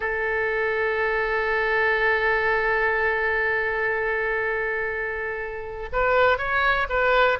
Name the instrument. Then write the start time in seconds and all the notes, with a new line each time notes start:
oboe
0.00 A4
5.92 B4
6.38 C#5
6.89 B4